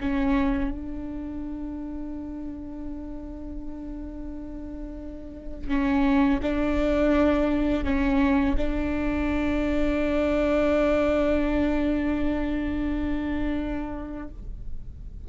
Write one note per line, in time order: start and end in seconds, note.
0.00 0.71 C#4
0.71 5.68 D4
5.68 6.39 C#4
6.42 7.84 D4
7.84 8.56 C#4
8.57 14.28 D4